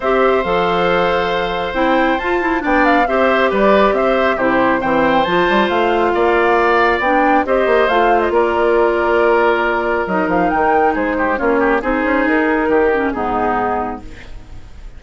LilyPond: <<
  \new Staff \with { instrumentName = "flute" } { \time 4/4 \tempo 4 = 137 e''4 f''2. | g''4 a''4 g''8 f''8 e''4 | d''4 e''4 c''4 g''4 | a''4 f''2. |
g''4 dis''4 f''8. dis''16 d''4~ | d''2. dis''8 f''8 | g''4 c''4 cis''4 c''4 | ais'2 gis'2 | }
  \new Staff \with { instrumentName = "oboe" } { \time 4/4 c''1~ | c''2 d''4 c''4 | b'4 c''4 g'4 c''4~ | c''2 d''2~ |
d''4 c''2 ais'4~ | ais'1~ | ais'4 gis'8 g'8 f'8 g'8 gis'4~ | gis'4 g'4 dis'2 | }
  \new Staff \with { instrumentName = "clarinet" } { \time 4/4 g'4 a'2. | e'4 f'8 e'8 d'4 g'4~ | g'2 e'4 c'4 | f'1 |
d'4 g'4 f'2~ | f'2. dis'4~ | dis'2 cis'4 dis'4~ | dis'4. cis'8 b2 | }
  \new Staff \with { instrumentName = "bassoon" } { \time 4/4 c'4 f2. | c'4 f'4 b4 c'4 | g4 c'4 c4 e4 | f8 g8 a4 ais2 |
b4 c'8 ais8 a4 ais4~ | ais2. fis8 f8 | dis4 gis4 ais4 c'8 cis'8 | dis'4 dis4 gis,2 | }
>>